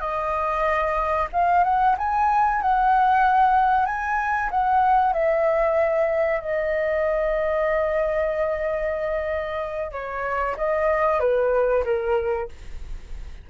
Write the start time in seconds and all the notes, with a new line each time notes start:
0.00 D#5
1.33 F5
1.64 F#5
1.98 G#5
2.62 F#5
3.86 G#5
4.51 F#5
5.13 E5
6.41 D#5
9.92 C#5
10.57 D#5
11.20 B4
11.85 A#4